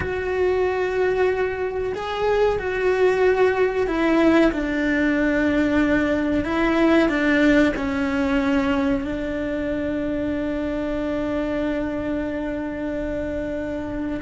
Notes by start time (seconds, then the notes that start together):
0.00 F#4
1.94 G#4
2.58 F#4
3.87 E4
4.52 D4
6.44 E4
7.08 D4
7.75 C#4
9.04 D4